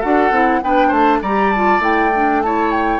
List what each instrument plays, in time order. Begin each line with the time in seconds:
0.00 bassoon D4, clarinet F#4, oboe A4, flute F#5
0.31 bassoon C4, clarinet E4
0.63 bassoon B3, clarinet D4, oboe B4, flute G5
0.88 bassoon A3, oboe C5, flute A5
1.22 bassoon G3, clarinet G4, oboe D5, flute A#5
1.52 clarinet F4, flute A5
1.80 bassoon A3, clarinet E4, flute G5
2.16 clarinet D4
2.43 clarinet E4, oboe C#5, flute A5
2.72 flute G5